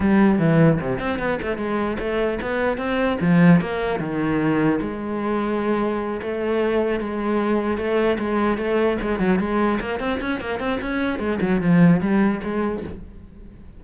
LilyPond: \new Staff \with { instrumentName = "cello" } { \time 4/4 \tempo 4 = 150 g4 e4 c8 c'8 b8 a8 | gis4 a4 b4 c'4 | f4 ais4 dis2 | gis2.~ gis8 a8~ |
a4. gis2 a8~ | a8 gis4 a4 gis8 fis8 gis8~ | gis8 ais8 c'8 cis'8 ais8 c'8 cis'4 | gis8 fis8 f4 g4 gis4 | }